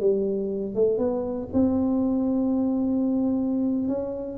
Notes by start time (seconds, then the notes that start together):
0.00 G3
0.75 A3
0.98 B3
1.54 C4
3.88 C#4